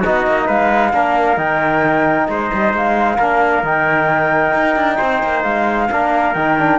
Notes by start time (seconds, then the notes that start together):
0.00 D#4 F#4 D#5
0.07 B3
0.27 A#3
0.46 G#3 B4 F5
0.93 A#3 D4 A#4
1.37 D#3 D#4 G5
2.28 G#3 C5 D#5
2.53 G3
2.73 G#3 F5
3.17 A#3 D4 A#4
3.63 D#3 D#4 G5
4.54 D#4
4.76 D4
4.97 C4 C5
5.23 A#3
5.43 G#3 F5
5.90 A#3 D4 A#4
6.34 D#3 D#4 G5
6.59 D4